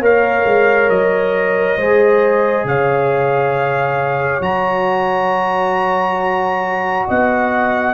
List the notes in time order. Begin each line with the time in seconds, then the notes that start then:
0.00 A#3 A#4 C#5 F5
0.44 G#3
0.89 F#3 D#5
1.77 G#3 G#4 C5
2.64 C#3 C#5 F5
4.40 F#3 F#4 A#5
7.07 B3 D#5 F#5